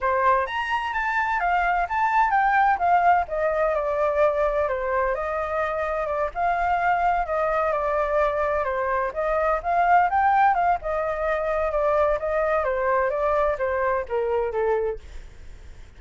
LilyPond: \new Staff \with { instrumentName = "flute" } { \time 4/4 \tempo 4 = 128 c''4 ais''4 a''4 f''4 | a''4 g''4 f''4 dis''4 | d''2 c''4 dis''4~ | dis''4 d''8 f''2 dis''8~ |
dis''8 d''2 c''4 dis''8~ | dis''8 f''4 g''4 f''8 dis''4~ | dis''4 d''4 dis''4 c''4 | d''4 c''4 ais'4 a'4 | }